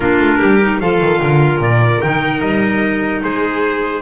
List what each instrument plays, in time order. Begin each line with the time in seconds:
0.00 double bass A#3, clarinet D4, violin F4, trumpet A#4
0.19 double bass A3
0.37 double bass G3, violin G4
0.61 clarinet D#4
0.80 double bass F3, clarinet F4, violin A4, trumpet F5
1.00 double bass D#3
1.21 double bass D3, violin A#4
1.58 double bass A#2, trumpet D5
2.01 double bass D#3, clarinet D#4, trumpet G5
2.41 double bass G3, trumpet D#5
3.22 double bass G#3, violin G#4, trumpet C5